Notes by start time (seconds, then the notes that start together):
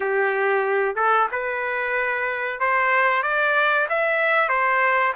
0.00 G4
0.95 A4
1.31 B4
2.60 C5
3.23 D5
3.89 E5
4.48 C5